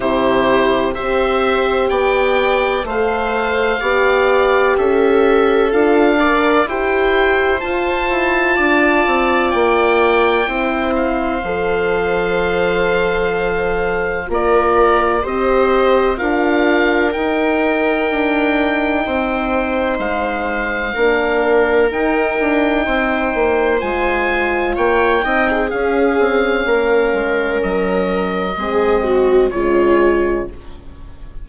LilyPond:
<<
  \new Staff \with { instrumentName = "oboe" } { \time 4/4 \tempo 4 = 63 c''4 e''4 g''4 f''4~ | f''4 e''4 f''4 g''4 | a''2 g''4. f''8~ | f''2. d''4 |
dis''4 f''4 g''2~ | g''4 f''2 g''4~ | g''4 gis''4 g''4 f''4~ | f''4 dis''2 cis''4 | }
  \new Staff \with { instrumentName = "viola" } { \time 4/4 g'4 c''4 d''4 c''4 | d''4 a'4. d''8 c''4~ | c''4 d''2 c''4~ | c''2. ais'4 |
c''4 ais'2. | c''2 ais'2 | c''2 cis''8 dis''16 gis'4~ gis'16 | ais'2 gis'8 fis'8 f'4 | }
  \new Staff \with { instrumentName = "horn" } { \time 4/4 e'4 g'2 a'4 | g'2 f'8 ais'8 g'4 | f'2. e'4 | a'2. f'4 |
g'4 f'4 dis'2~ | dis'2 d'4 dis'4~ | dis'4 f'4. dis'8 cis'4~ | cis'2 c'4 gis4 | }
  \new Staff \with { instrumentName = "bassoon" } { \time 4/4 c4 c'4 b4 a4 | b4 cis'4 d'4 e'4 | f'8 e'8 d'8 c'8 ais4 c'4 | f2. ais4 |
c'4 d'4 dis'4 d'4 | c'4 gis4 ais4 dis'8 d'8 | c'8 ais8 gis4 ais8 c'8 cis'8 c'8 | ais8 gis8 fis4 gis4 cis4 | }
>>